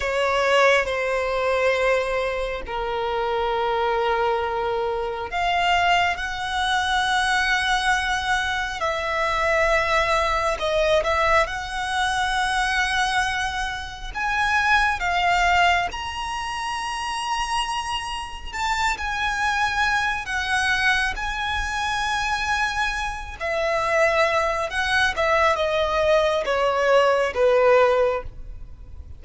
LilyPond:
\new Staff \with { instrumentName = "violin" } { \time 4/4 \tempo 4 = 68 cis''4 c''2 ais'4~ | ais'2 f''4 fis''4~ | fis''2 e''2 | dis''8 e''8 fis''2. |
gis''4 f''4 ais''2~ | ais''4 a''8 gis''4. fis''4 | gis''2~ gis''8 e''4. | fis''8 e''8 dis''4 cis''4 b'4 | }